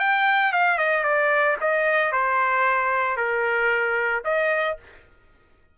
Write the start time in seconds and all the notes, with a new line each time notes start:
0.00 G5
0.53 F5
0.78 D#5
1.04 D5
1.61 D#5
2.12 C5
3.17 A#4
4.25 D#5